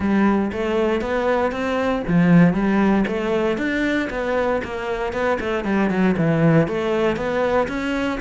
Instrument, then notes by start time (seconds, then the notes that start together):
cello
0.00 G3
0.52 A3
1.01 B3
1.51 C4
2.07 F3
2.53 G3
3.07 A3
3.57 D4
4.10 B3
4.63 A#3
5.12 B3
5.39 A3
5.64 G3
5.90 F#3
6.17 E3
6.67 A3
7.16 B3
7.68 C#4